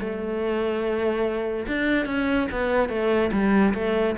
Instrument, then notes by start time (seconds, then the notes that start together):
cello
0.00 A3
1.68 D4
2.06 C#4
2.52 B3
2.89 A3
3.33 G3
3.74 A3